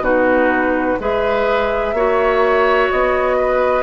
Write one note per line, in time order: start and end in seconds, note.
0.00 0.95 B2
0.00 0.98 D#4
0.00 0.98 F#4
0.00 0.99 B4
1.00 1.93 G#3
1.00 1.95 G#4
1.00 1.95 B4
1.00 2.91 E5
1.93 2.88 A#3
1.93 3.83 F#4
1.93 3.37 C#5
2.91 3.83 B3
2.91 3.83 D#5
3.37 3.83 B4